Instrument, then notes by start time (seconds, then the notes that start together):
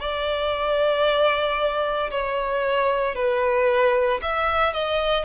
violin
0.00 D5
2.11 C#5
3.16 B4
4.22 E5
4.74 D#5